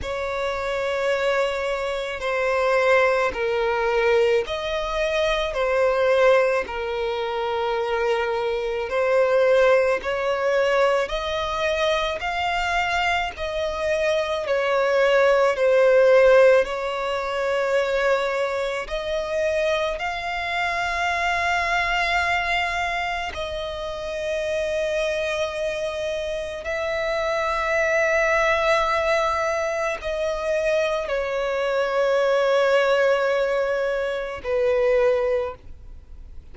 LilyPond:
\new Staff \with { instrumentName = "violin" } { \time 4/4 \tempo 4 = 54 cis''2 c''4 ais'4 | dis''4 c''4 ais'2 | c''4 cis''4 dis''4 f''4 | dis''4 cis''4 c''4 cis''4~ |
cis''4 dis''4 f''2~ | f''4 dis''2. | e''2. dis''4 | cis''2. b'4 | }